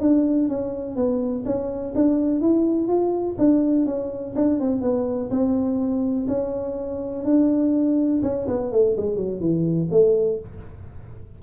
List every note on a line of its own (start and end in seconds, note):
0.00 0.48 D4
0.49 0.96 C#4
0.96 1.44 B3
1.45 1.94 C#4
1.95 2.41 D4
2.41 2.88 E4
2.88 3.36 F4
3.38 3.86 D4
3.86 4.34 C#4
4.35 4.60 D4
4.60 4.81 C4
4.81 5.30 B3
5.30 6.27 C4
6.27 7.24 C#4
7.24 8.21 D4
8.23 8.47 C#4
8.47 8.72 B3
8.72 8.96 A3
8.97 9.16 G#3
9.16 9.40 F#3
9.40 9.89 E3
9.91 10.39 A3